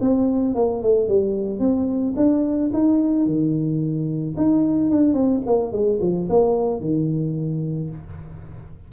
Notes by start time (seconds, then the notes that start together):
0.00 C4
0.55 A#3
0.82 A3
1.08 G3
1.59 C4
2.16 D4
2.73 D#4
3.26 D#3
4.36 D#4
4.90 D4
5.13 C4
5.46 A#3
5.71 G#3
6.00 F3
6.29 A#3
6.80 D#3